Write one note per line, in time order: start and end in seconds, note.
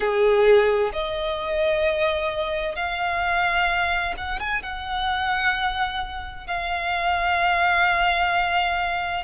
0.00 0.91 G#4
0.92 2.75 D#5
2.75 4.14 F5
4.17 4.39 F#5
4.39 4.62 G#5
4.62 6.47 F#5
6.47 9.23 F5